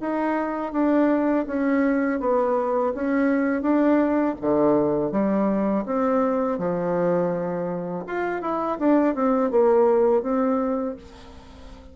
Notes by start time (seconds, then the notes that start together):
0.00 D#4
0.72 D4
1.46 C#4
2.20 B3
2.94 C#4
3.62 D4
4.41 D3
5.11 G3
5.85 C4
6.58 F3
8.07 F4
8.41 E4
8.79 D4
9.15 C4
9.50 A#3
10.22 C4